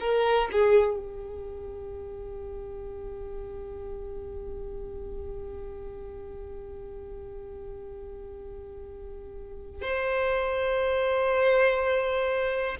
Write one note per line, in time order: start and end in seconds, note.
0.00 0.49 A#4
0.52 0.96 G#4
0.96 9.81 G4
9.81 12.76 C5